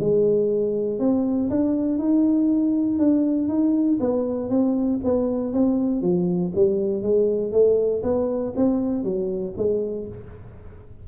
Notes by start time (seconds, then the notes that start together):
0.00 G#3
0.99 C4
1.50 D4
1.99 D#4
2.99 D4
3.49 D#4
4.00 B3
4.50 C4
5.04 B3
5.53 C4
6.02 F3
6.55 G3
7.03 G#3
7.52 A3
8.03 B3
8.56 C4
9.04 F#3
9.57 G#3